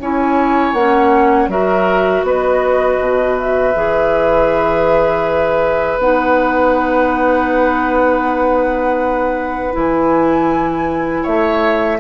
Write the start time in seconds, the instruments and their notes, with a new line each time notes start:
0.00 bassoon C#4, clarinet E4, oboe C#5, flute G#5
0.73 bassoon A#3, clarinet C#4, flute F#5
1.48 bassoon F#3, clarinet F#4, oboe A#4, flute E5
2.23 bassoon B3, oboe B4, flute D#5
3.00 bassoon B2
3.37 flute E5
3.75 bassoon E3, clarinet G#4
5.98 bassoon B3, clarinet D#4, flute F#5
9.72 bassoon E3, clarinet E4
9.78 flute G#5
11.23 bassoon A3, oboe C#5, flute E5